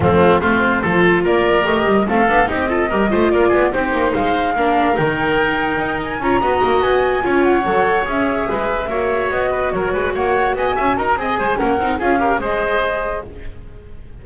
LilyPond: <<
  \new Staff \with { instrumentName = "flute" } { \time 4/4 \tempo 4 = 145 f'4 c''2 d''4 | dis''4 f''4 dis''2 | d''4 c''4 f''2 | g''2~ g''8 gis''8 ais''4~ |
ais''8 gis''4. fis''4. e''8~ | e''2~ e''8 dis''4 cis''8~ | cis''8 fis''4 gis''4 ais''8 gis''4 | fis''4 f''4 dis''2 | }
  \new Staff \with { instrumentName = "oboe" } { \time 4/4 c'4 f'4 a'4 ais'4~ | ais'4 a'4 g'8 a'8 ais'8 c''8 | ais'8 gis'8 g'4 c''4 ais'4~ | ais'2. cis''8 dis''8~ |
dis''4. cis''2~ cis''8~ | cis''8 b'4 cis''4. b'8 ais'8 | b'8 cis''4 dis''8 e''8 ais'8 dis''8 c''8 | ais'4 gis'8 ais'8 c''2 | }
  \new Staff \with { instrumentName = "viola" } { \time 4/4 a4 c'4 f'2 | g'4 c'8 d'8 dis'8 f'8 g'8 f'8~ | f'4 dis'2 d'4 | dis'2. f'8 fis'8~ |
fis'4. f'4 a'4 gis'8~ | gis'4. fis'2~ fis'8~ | fis'2. gis'4 | cis'8 dis'8 f'8 g'8 gis'2 | }
  \new Staff \with { instrumentName = "double bass" } { \time 4/4 f4 a4 f4 ais4 | a8 g8 a8 b8 c'4 g8 a8 | ais8 b8 c'8 ais8 gis4 ais4 | dis2 dis'4 cis'8 b8 |
ais8 b4 cis'4 fis4 cis'8~ | cis'8 gis4 ais4 b4 fis8 | gis8 ais4 b8 cis'8 dis'8 c'8 gis8 | ais8 c'8 cis'4 gis2 | }
>>